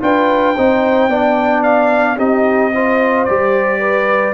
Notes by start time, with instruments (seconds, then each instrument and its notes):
0.00 tuba D4, trombone F4, horn B4, trumpet G5
0.56 tuba C4, trombone D#4, horn C5
1.08 tuba B3, trombone D4, horn D5
1.63 trumpet F5
2.17 tuba C4, trombone D#4, horn G4, trumpet D#5
2.74 trombone F4, horn C5
3.25 tuba G3, trombone G4, trumpet D5
3.80 horn B4